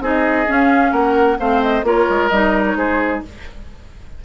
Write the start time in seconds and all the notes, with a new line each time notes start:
0.00 C4 D#4 G#4
0.06 D#5
0.46 C#4 F5
0.91 A#3 A#4 F#5
1.39 A3 C4 C5 F5
1.62 D#5
1.83 A#3 F4 A#4 C#5
2.09 G#3
2.28 G3 D#4 D#5
2.66 C#5
2.75 G#3 G#4 C5